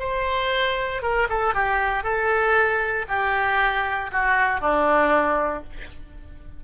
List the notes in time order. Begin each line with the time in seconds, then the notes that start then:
0.00 C5
1.02 A#4
1.30 A4
1.55 G4
2.04 A4
3.09 G4
4.12 F#4
4.61 D4